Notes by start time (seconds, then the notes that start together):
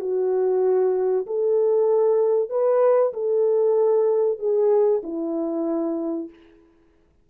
0.00 F#4
1.27 A4
2.50 B4
3.13 A4
4.39 G#4
5.04 E4